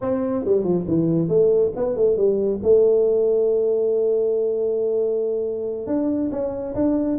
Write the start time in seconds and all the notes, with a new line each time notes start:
0.01 C4
0.44 G3
0.64 F3
0.87 E3
1.28 A3
1.75 B3
1.96 A3
2.16 G3
2.62 A3
5.87 D4
6.31 C#4
6.75 D4